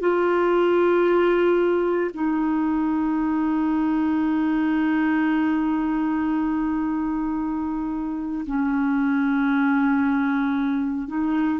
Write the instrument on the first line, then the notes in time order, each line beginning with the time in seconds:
clarinet
0.00 F4
2.13 D#4
8.46 C#4
11.08 D#4